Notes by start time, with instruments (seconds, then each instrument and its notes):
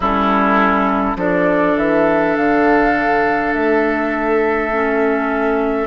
0.00 bassoon G3, clarinet C#4, oboe E4, flute A4
1.16 bassoon F3, clarinet D4, oboe A4, flute D5
1.77 bassoon E3, flute E5
2.36 bassoon D3, flute F5
3.53 bassoon A3, flute E5
4.72 clarinet C#4